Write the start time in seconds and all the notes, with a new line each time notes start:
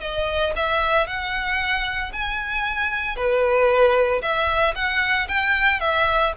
0.00 D#5
0.56 E5
1.06 F#5
2.12 G#5
3.16 B4
4.22 E5
4.75 F#5
5.28 G5
5.80 E5